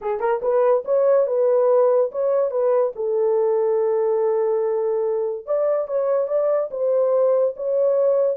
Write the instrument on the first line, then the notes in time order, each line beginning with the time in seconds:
horn
0.01 G#4
0.19 A#4
0.42 B4
0.84 C#5
1.26 B4
2.11 C#5
2.50 B4
2.95 A4
5.45 D5
5.87 C#5
6.27 D5
6.70 C5
7.56 C#5